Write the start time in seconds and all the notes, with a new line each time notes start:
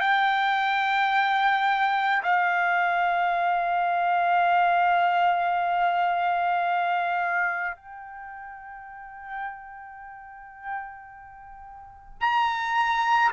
0.00 G5
2.23 F5
7.76 G5
12.20 A#5